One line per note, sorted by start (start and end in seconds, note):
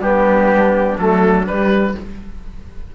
0.00 0.96 G3
0.00 0.98 B3
0.00 1.92 D4
0.00 0.97 G4
0.97 1.46 F#3
0.97 1.46 A3
0.97 1.46 A4
1.46 1.94 G3
1.46 1.95 B4